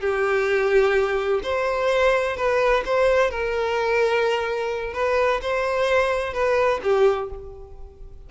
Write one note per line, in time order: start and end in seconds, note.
0.00 1.41 G4
1.43 2.37 C5
2.37 2.83 B4
2.86 3.31 C5
3.31 4.93 A#4
4.93 5.40 B4
5.42 6.33 C5
6.33 6.80 B4
6.83 7.30 G4